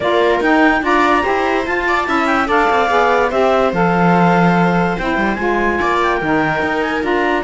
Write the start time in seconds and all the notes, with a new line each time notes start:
0.00 A#3 F4 A#4 D5
0.40 D#4 G5
0.81 D4 F4 D5 A#5
1.22 E4 G4 C5
1.66 F4 A5
1.87 D5
2.05 C#4 E4 E5
2.26 G5
2.46 D4 A4 D5 F5
2.70 C4
2.88 B3 G#4
3.29 C4 G4 C5 E5
3.72 F3 A4 F5
4.97 C4 E4 G5
5.16 G3
5.35 G#3 F4 G#5
5.80 A#3 D5
6.02 G5
6.17 D#3 D#4 A#4
6.62 D#4
6.82 G#5
7.01 D4 F4 A#5